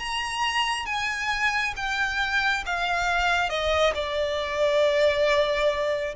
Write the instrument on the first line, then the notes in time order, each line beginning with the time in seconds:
violin
0.00 A#5
0.86 G#5
1.76 G5
2.66 F5
3.50 D#5
3.95 D5